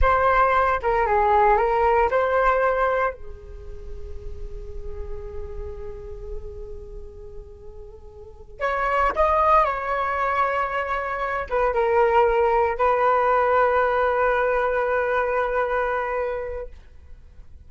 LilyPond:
\new Staff \with { instrumentName = "flute" } { \time 4/4 \tempo 4 = 115 c''4. ais'8 gis'4 ais'4 | c''2 gis'2~ | gis'1~ | gis'1~ |
gis'8 cis''4 dis''4 cis''4.~ | cis''2 b'8 ais'4.~ | ais'8 b'2.~ b'8~ | b'1 | }